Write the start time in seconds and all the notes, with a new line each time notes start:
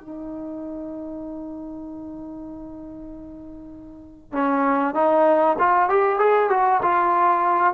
0.00 D#4
4.32 C#4
4.94 D#4
5.58 F4
5.89 G4
6.19 G#4
6.49 F#4
6.82 F4